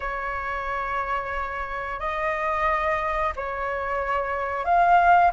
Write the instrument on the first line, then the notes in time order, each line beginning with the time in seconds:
flute
0.00 C#5
1.99 D#5
3.35 C#5
4.65 F5